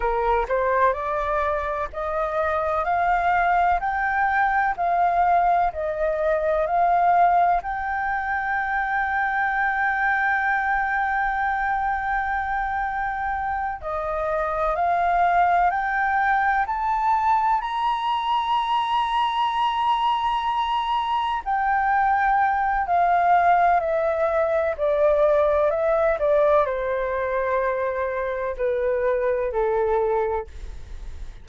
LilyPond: \new Staff \with { instrumentName = "flute" } { \time 4/4 \tempo 4 = 63 ais'8 c''8 d''4 dis''4 f''4 | g''4 f''4 dis''4 f''4 | g''1~ | g''2~ g''8 dis''4 f''8~ |
f''8 g''4 a''4 ais''4.~ | ais''2~ ais''8 g''4. | f''4 e''4 d''4 e''8 d''8 | c''2 b'4 a'4 | }